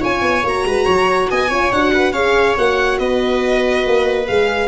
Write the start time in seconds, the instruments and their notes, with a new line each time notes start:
0.00 tuba C#4, horn F4, viola C#5, violin G#5
0.22 tuba B3
0.43 tuba A#3, horn F#4, violin A#5
0.65 tuba G#3, viola B4
0.86 tuba F#3, viola C#5
1.30 tuba B3, viola D#5, violin G#5
1.49 tuba C#4, horn F4, viola C#5
1.72 tuba D4, horn F#4, violin F#5
1.94 viola B4
2.12 tuba C#4, horn G#4, viola C#5, violin F5
2.57 tuba A#3, horn F#4, violin F#5
2.99 tuba B3, viola B4, violin D#5
3.87 tuba A#3
4.27 tuba G#3, horn G#4, violin F5